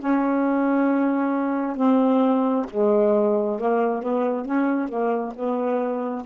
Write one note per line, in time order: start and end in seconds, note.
0.00 1.77 C#4
1.77 2.66 C4
2.71 3.60 G#3
3.60 4.03 A#3
4.03 4.46 B3
4.46 4.89 C#4
4.89 5.34 A#3
5.36 6.25 B3